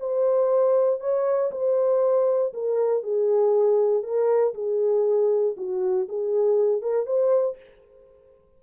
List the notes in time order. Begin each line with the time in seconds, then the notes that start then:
0.00 C5
1.01 C#5
1.52 C5
2.54 A#4
3.03 G#4
4.04 A#4
4.54 G#4
5.57 F#4
6.09 G#4
6.82 A#4
7.06 C5